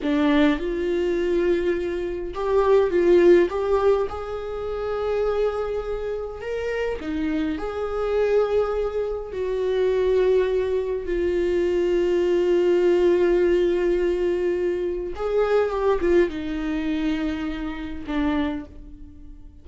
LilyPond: \new Staff \with { instrumentName = "viola" } { \time 4/4 \tempo 4 = 103 d'4 f'2. | g'4 f'4 g'4 gis'4~ | gis'2. ais'4 | dis'4 gis'2. |
fis'2. f'4~ | f'1~ | f'2 gis'4 g'8 f'8 | dis'2. d'4 | }